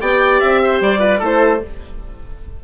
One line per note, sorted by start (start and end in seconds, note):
0.00 0.40 B3
0.00 0.99 G4
0.00 0.60 D5
0.00 0.40 G5
0.40 0.81 C4
0.40 0.80 E5
0.64 0.99 C5
0.81 1.21 G3
0.81 1.23 D5
0.99 1.19 F4
0.99 1.19 B4
1.19 1.61 A3
1.19 1.62 E4
1.19 1.59 A4
1.19 1.64 C5